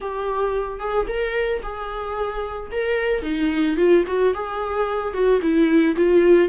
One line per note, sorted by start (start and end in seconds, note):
0.00 0.79 G4
0.79 1.06 G#4
1.07 1.61 A#4
1.62 2.71 G#4
2.71 3.22 A#4
3.22 3.76 D#4
3.77 4.04 F4
4.07 4.33 F#4
4.33 5.13 G#4
5.13 5.40 F#4
5.41 5.95 E4
5.96 6.49 F4